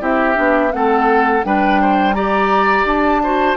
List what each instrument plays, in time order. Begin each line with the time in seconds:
0.00 bassoon C4, clarinet E4, oboe G4, flute E5
0.35 bassoon B3, clarinet D4
0.72 bassoon A3, clarinet C4, oboe A4, flute F#5
1.44 bassoon G3, clarinet D4, oboe B4, flute G5
1.82 oboe C5
2.14 clarinet G4, oboe D5, flute A#5
2.85 bassoon D4, flute A5
3.24 clarinet F#4, oboe C5